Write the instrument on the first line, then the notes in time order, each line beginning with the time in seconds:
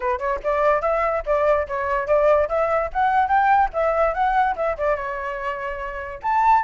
flute
0.00 B4
0.19 C#5
0.43 D5
0.81 E5
1.26 D5
1.67 C#5
2.07 D5
2.48 E5
2.92 F#5
3.27 G5
3.73 E5
4.14 F#5
4.56 E5
4.77 D5
4.96 C#5
6.22 A5